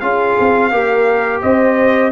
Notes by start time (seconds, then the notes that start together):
0.00 C#4 F4 G#4 F5
0.40 C4
0.72 A#3 G4 A#4
1.42 C4 C5 D#5